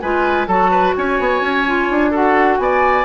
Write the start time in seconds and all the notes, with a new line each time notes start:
0.00 G#3 F4 B4 G#5
0.47 F#3 F#4 A4 A5
0.71 B4
0.96 C#4 C#5 G#5
1.19 B3
1.41 C#4
1.66 F4
1.90 D4
2.10 F#4 A4 F#5
2.58 B3 D5 G#5